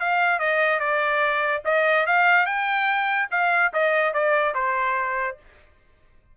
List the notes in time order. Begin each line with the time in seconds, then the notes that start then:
0.00 F5
0.39 D#5
0.80 D5
1.65 D#5
2.07 F5
2.46 G5
3.31 F5
3.73 D#5
4.14 D5
4.55 C5